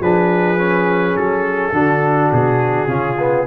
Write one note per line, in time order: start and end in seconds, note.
0.00 1.15 F3
0.00 0.58 D4
0.00 1.74 G#4
0.00 1.16 B4
0.58 1.73 C#4
1.16 1.72 F#3
1.16 2.31 A4
1.72 2.30 D3
1.72 2.88 D4
1.72 2.88 F#4
2.32 2.87 B2
2.32 3.47 G#4
2.87 3.45 C#3
2.87 3.17 C#4
2.87 3.45 F4
3.19 3.47 B3